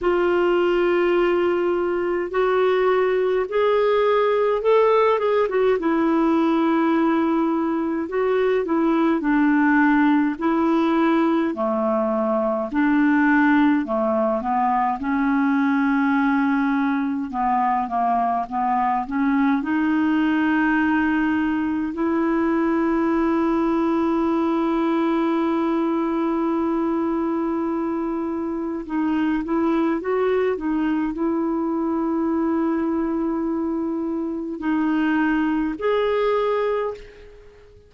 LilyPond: \new Staff \with { instrumentName = "clarinet" } { \time 4/4 \tempo 4 = 52 f'2 fis'4 gis'4 | a'8 gis'16 fis'16 e'2 fis'8 e'8 | d'4 e'4 a4 d'4 | a8 b8 cis'2 b8 ais8 |
b8 cis'8 dis'2 e'4~ | e'1~ | e'4 dis'8 e'8 fis'8 dis'8 e'4~ | e'2 dis'4 gis'4 | }